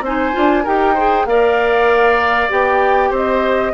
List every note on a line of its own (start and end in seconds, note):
0.00 0.31 C4
0.00 0.32 D#4
0.00 0.63 C5
0.00 0.66 G#5
0.32 0.66 D4
0.32 0.63 F4
0.63 1.25 D#4
0.63 0.96 G4
0.63 0.94 A#4
0.63 1.26 G5
0.94 1.27 G#4
0.94 1.24 C5
1.25 2.49 A#3
1.25 2.49 A#4
1.25 3.10 D5
1.25 2.50 F5
2.49 3.11 B3
2.49 3.73 G4
2.49 3.13 G5
3.10 3.72 C4
3.10 3.72 C5
3.10 3.73 D#5